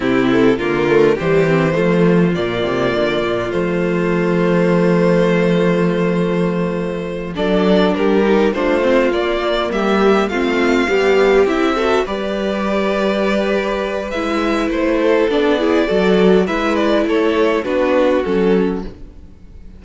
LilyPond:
<<
  \new Staff \with { instrumentName = "violin" } { \time 4/4 \tempo 4 = 102 g'8 a'8 ais'4 c''2 | d''2 c''2~ | c''1~ | c''8 d''4 ais'4 c''4 d''8~ |
d''8 e''4 f''2 e''8~ | e''8 d''2.~ d''8 | e''4 c''4 d''2 | e''8 d''8 cis''4 b'4 a'4 | }
  \new Staff \with { instrumentName = "violin" } { \time 4/4 e'4 f'4 g'4 f'4~ | f'1~ | f'1~ | f'8 a'4 g'4 f'4.~ |
f'8 g'4 f'4 g'4. | a'8 b'2.~ b'8~ | b'4. a'4 gis'8 a'4 | b'4 a'4 fis'2 | }
  \new Staff \with { instrumentName = "viola" } { \time 4/4 c'4 ais8 a8 g8 c'8 a4 | ais2 a2~ | a1~ | a8 d'4. dis'8 d'8 c'8 ais8~ |
ais4. c'4 g4 e'8 | fis'8 g'2.~ g'8 | e'2 d'8 e'8 fis'4 | e'2 d'4 cis'4 | }
  \new Staff \with { instrumentName = "cello" } { \time 4/4 c4 d4 e4 f4 | ais,8 c8 d8 ais,8 f2~ | f1~ | f8 fis4 g4 a4 ais8~ |
ais8 g4 a4 b4 c'8~ | c'8 g2.~ g8 | gis4 a4 b4 fis4 | gis4 a4 b4 fis4 | }
>>